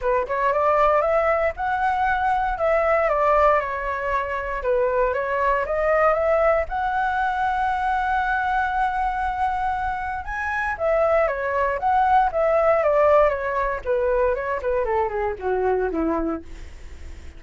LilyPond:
\new Staff \with { instrumentName = "flute" } { \time 4/4 \tempo 4 = 117 b'8 cis''8 d''4 e''4 fis''4~ | fis''4 e''4 d''4 cis''4~ | cis''4 b'4 cis''4 dis''4 | e''4 fis''2.~ |
fis''1 | gis''4 e''4 cis''4 fis''4 | e''4 d''4 cis''4 b'4 | cis''8 b'8 a'8 gis'8 fis'4 e'4 | }